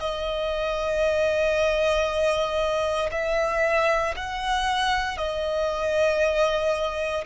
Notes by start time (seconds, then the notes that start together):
0.00 D#5
3.12 E5
4.17 F#5
5.18 D#5